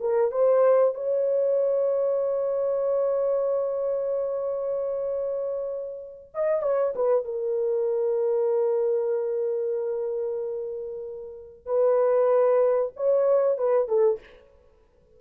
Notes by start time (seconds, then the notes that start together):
0.00 A#4
0.31 C5
0.94 C#5
6.34 D#5
6.62 C#5
6.95 B4
7.25 A#4
11.66 B4
12.96 C#5
13.57 B4
13.88 A4